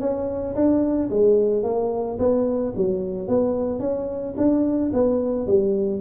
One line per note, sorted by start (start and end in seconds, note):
0.00 0.55 C#4
0.55 1.10 D4
1.10 1.63 G#3
1.63 2.18 A#3
2.18 2.73 B3
2.76 3.28 F#3
3.28 3.80 B3
3.80 4.34 C#4
4.37 4.91 D4
4.93 5.46 B3
5.46 6.00 G3